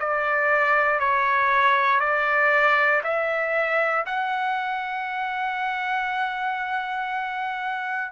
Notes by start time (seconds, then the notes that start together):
0.00 D5
1.00 C#5
2.01 D5
3.04 E5
4.06 F#5